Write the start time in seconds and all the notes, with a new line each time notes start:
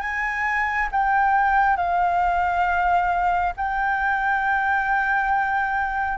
0.00 G#5
0.91 G5
1.76 F5
3.56 G5